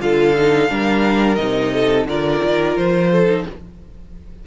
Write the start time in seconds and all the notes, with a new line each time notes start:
0.00 D3 F4 A4 F5
0.37 D#4
0.68 G3 D4 A#4
1.35 C3 D#4 D#5
1.73 A4
2.06 D3 F4 A#4 D5
2.44 D#3
2.77 F3 C5
3.11 A4
3.27 D#4